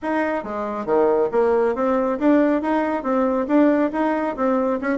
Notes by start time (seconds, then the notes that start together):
0.02 D#4
0.43 G#3
0.85 D#3
1.31 A#3
1.75 C4
2.19 D4
2.61 D#4
3.03 C4
3.47 D4
3.92 D#4
4.36 C4
4.81 C#4